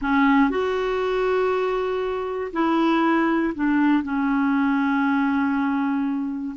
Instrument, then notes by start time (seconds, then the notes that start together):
clarinet
0.01 C#4
0.50 F#4
2.52 E4
3.55 D4
4.03 C#4